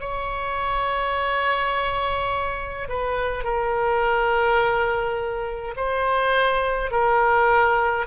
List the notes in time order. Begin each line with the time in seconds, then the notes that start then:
0.00 C#5
2.88 B4
3.44 A#4
5.76 C5
6.91 A#4